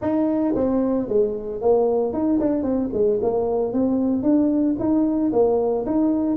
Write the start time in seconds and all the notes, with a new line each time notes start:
0.01 D#4
0.55 C4
1.08 G#3
1.61 A#3
2.13 D#4
2.40 D4
2.63 C4
2.93 G#3
3.22 A#3
3.72 C4
4.23 D4
4.79 D#4
5.32 A#3
5.86 D#4